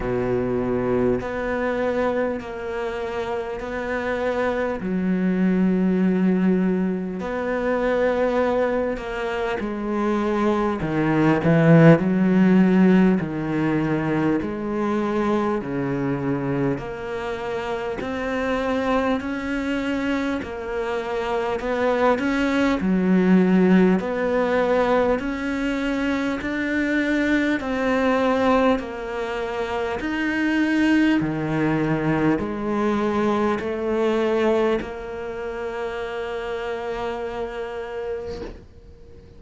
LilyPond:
\new Staff \with { instrumentName = "cello" } { \time 4/4 \tempo 4 = 50 b,4 b4 ais4 b4 | fis2 b4. ais8 | gis4 dis8 e8 fis4 dis4 | gis4 cis4 ais4 c'4 |
cis'4 ais4 b8 cis'8 fis4 | b4 cis'4 d'4 c'4 | ais4 dis'4 dis4 gis4 | a4 ais2. | }